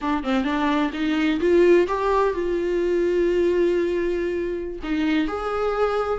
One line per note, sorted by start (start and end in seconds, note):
0.01 0.23 D4
0.23 0.44 C4
0.44 0.91 D4
0.93 1.40 D#4
1.40 1.87 F4
1.87 2.33 G4
2.33 4.79 F4
4.83 5.27 D#4
5.27 6.19 G#4